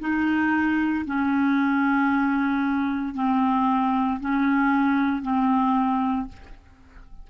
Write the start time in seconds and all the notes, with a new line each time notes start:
0.00 D#4
1.06 C#4
3.15 C4
4.21 C#4
5.22 C4